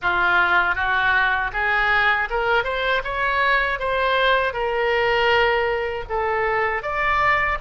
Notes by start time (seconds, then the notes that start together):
0.02 F4
0.75 F#4
1.53 G#4
2.30 A#4
2.64 C5
3.03 C#5
3.79 C5
4.53 A#4
6.09 A4
6.82 D5